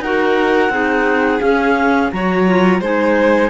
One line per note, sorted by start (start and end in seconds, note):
0.00 0.69 D#4
0.00 0.72 F#4
0.00 0.73 A#4
0.00 1.41 F#5
0.69 1.39 C4
0.69 1.40 D#4
0.69 2.13 G#4
1.40 2.09 C#4
1.40 2.12 C#4
1.40 2.11 F5
2.12 2.81 F#3
2.12 2.47 F#4
2.12 2.81 C#5
2.12 2.82 A#5
2.47 2.82 F4
2.81 3.50 G#3
2.81 3.50 D#4
2.81 3.50 C5
2.81 3.50 G#5